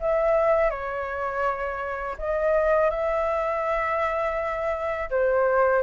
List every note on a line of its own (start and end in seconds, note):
0.00 0.70 E5
0.70 2.16 C#5
2.18 2.90 D#5
2.90 5.09 E5
5.10 5.82 C5